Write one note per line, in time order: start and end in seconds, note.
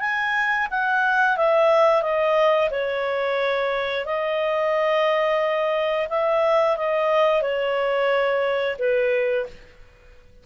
0.00 0.67 G#5
0.70 1.37 F#5
1.37 2.02 E5
2.02 2.70 D#5
2.71 4.05 C#5
4.05 6.08 D#5
6.09 6.77 E5
6.77 7.42 D#5
7.42 8.76 C#5
8.79 9.46 B4